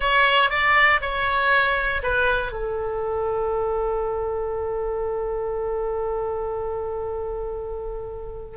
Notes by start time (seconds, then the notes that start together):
0.00 C#5
0.50 D5
1.01 C#5
2.03 B4
2.52 A4